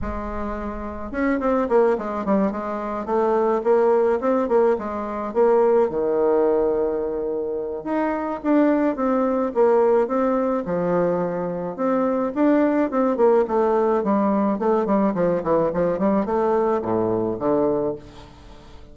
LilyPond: \new Staff \with { instrumentName = "bassoon" } { \time 4/4 \tempo 4 = 107 gis2 cis'8 c'8 ais8 gis8 | g8 gis4 a4 ais4 c'8 | ais8 gis4 ais4 dis4.~ | dis2 dis'4 d'4 |
c'4 ais4 c'4 f4~ | f4 c'4 d'4 c'8 ais8 | a4 g4 a8 g8 f8 e8 | f8 g8 a4 a,4 d4 | }